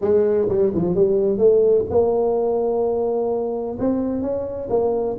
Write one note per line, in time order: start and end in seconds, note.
0.01 0.48 G#3
0.49 0.72 G3
0.74 0.95 F3
0.95 1.37 G3
1.37 1.84 A3
1.90 3.77 A#3
3.79 4.21 C4
4.21 4.68 C#4
4.69 5.16 A#3